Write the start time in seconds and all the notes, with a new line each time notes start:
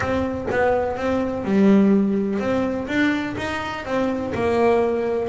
0.00 C4
0.50 B3
0.96 C4
1.44 G3
2.39 C4
2.87 D4
3.37 D#4
3.85 C4
4.34 A#3